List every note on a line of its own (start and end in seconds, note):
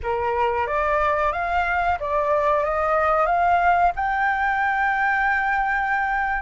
0.02 0.67 A#4
0.67 1.32 D5
1.32 1.98 F5
1.99 2.64 D5
2.64 3.26 D#5
3.26 3.92 F5
3.95 6.42 G5